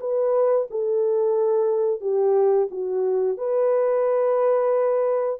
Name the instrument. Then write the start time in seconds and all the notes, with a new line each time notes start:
horn
0.00 B4
0.70 A4
2.01 G4
2.71 F#4
3.38 B4